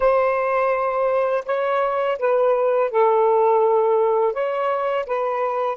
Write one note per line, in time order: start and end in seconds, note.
0.00 1.44 C5
1.45 2.18 C#5
2.19 2.90 B4
2.90 4.33 A4
4.33 5.05 C#5
5.06 5.77 B4